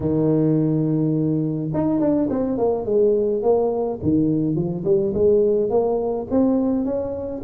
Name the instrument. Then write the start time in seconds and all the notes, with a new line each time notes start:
tuba
0.00 D#3
1.73 D#4
2.00 D4
2.29 C4
2.57 A#3
2.85 G#3
3.42 A#3
4.02 D#3
4.55 F3
4.84 G3
5.14 G#3
5.70 A#3
6.30 C4
6.85 C#4